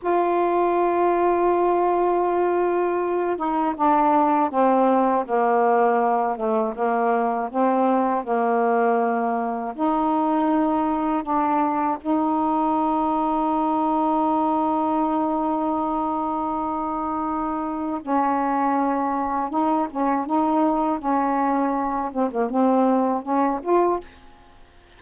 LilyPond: \new Staff \with { instrumentName = "saxophone" } { \time 4/4 \tempo 4 = 80 f'1~ | f'8 dis'8 d'4 c'4 ais4~ | ais8 a8 ais4 c'4 ais4~ | ais4 dis'2 d'4 |
dis'1~ | dis'1 | cis'2 dis'8 cis'8 dis'4 | cis'4. c'16 ais16 c'4 cis'8 f'8 | }